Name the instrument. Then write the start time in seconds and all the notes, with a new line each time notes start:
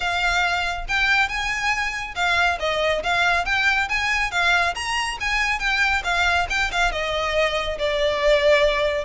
violin
0.00 F5
0.88 G5
1.28 G#5
2.15 F5
2.59 D#5
3.03 F5
3.45 G5
3.88 G#5
4.31 F5
4.75 A#5
5.20 G#5
5.59 G5
6.04 F5
6.49 G5
6.71 F5
6.91 D#5
7.78 D5